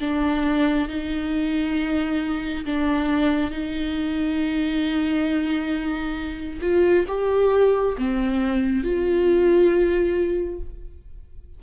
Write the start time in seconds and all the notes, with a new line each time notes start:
0.00 D4
0.89 D#4
2.66 D4
3.51 D#4
6.61 F4
7.08 G4
7.98 C4
8.84 F4